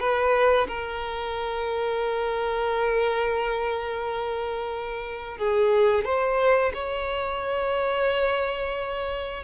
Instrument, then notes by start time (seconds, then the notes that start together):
violin
0.00 B4
0.68 A#4
5.38 G#4
6.05 C5
6.74 C#5